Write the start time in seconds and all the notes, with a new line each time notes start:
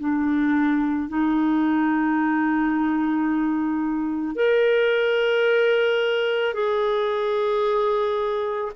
0.00 D4
1.09 D#4
4.36 A#4
6.54 G#4